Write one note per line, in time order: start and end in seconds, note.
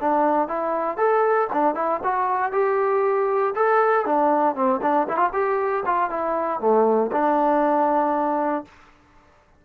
0.00 0.48 D4
0.48 0.97 E4
0.97 1.48 A4
1.53 1.74 D4
1.74 2.00 E4
2.03 2.52 F#4
2.52 3.54 G4
3.55 4.05 A4
4.05 4.55 D4
4.55 4.80 C4
4.82 5.07 D4
5.09 5.17 E4
5.17 5.29 F4
5.33 5.83 G4
5.85 6.09 F4
6.09 6.60 E4
6.60 7.11 A3
7.12 8.64 D4